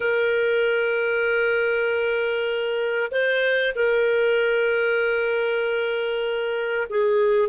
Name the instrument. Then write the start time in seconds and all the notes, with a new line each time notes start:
clarinet
0.00 A#4
3.11 C5
3.75 A#4
6.89 G#4